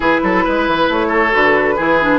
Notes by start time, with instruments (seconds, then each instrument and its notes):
0.00 bassoon E3, clarinet E4, oboe G#4, flute B4
0.23 bassoon F#3, oboe A4
0.44 bassoon G#3, oboe B4
0.67 bassoon E3
0.88 bassoon A3, flute C#5
1.08 oboe A4
1.31 bassoon D3, clarinet F#4, flute B4
1.76 bassoon E3, clarinet E4, oboe G#4
2.00 clarinet D4